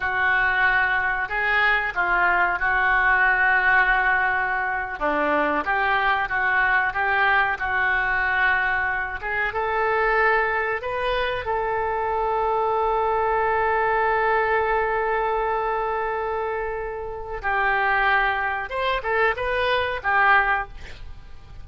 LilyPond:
\new Staff \with { instrumentName = "oboe" } { \time 4/4 \tempo 4 = 93 fis'2 gis'4 f'4 | fis'2.~ fis'8. d'16~ | d'8. g'4 fis'4 g'4 fis'16~ | fis'2~ fis'16 gis'8 a'4~ a'16~ |
a'8. b'4 a'2~ a'16~ | a'1~ | a'2. g'4~ | g'4 c''8 a'8 b'4 g'4 | }